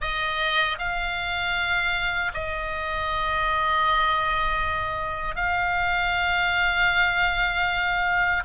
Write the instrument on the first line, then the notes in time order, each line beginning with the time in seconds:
oboe
0.01 D#5
0.78 F5
2.34 D#5
5.35 F5